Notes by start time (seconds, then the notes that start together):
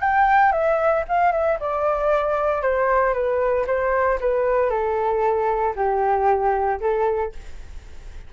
0.00 G5
0.52 E5
1.08 F5
1.32 E5
1.60 D5
2.62 C5
3.14 B4
3.67 C5
4.20 B4
4.70 A4
5.76 G4
6.80 A4